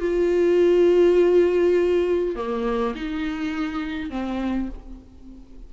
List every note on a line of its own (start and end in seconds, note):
0.00 2.35 F4
2.35 2.94 A#3
2.95 4.09 D#4
4.09 4.68 C4